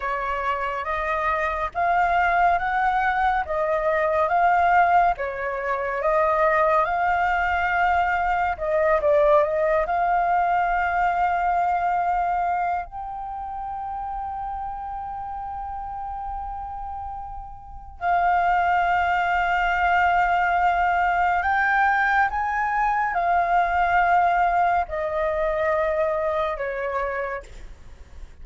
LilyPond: \new Staff \with { instrumentName = "flute" } { \time 4/4 \tempo 4 = 70 cis''4 dis''4 f''4 fis''4 | dis''4 f''4 cis''4 dis''4 | f''2 dis''8 d''8 dis''8 f''8~ | f''2. g''4~ |
g''1~ | g''4 f''2.~ | f''4 g''4 gis''4 f''4~ | f''4 dis''2 cis''4 | }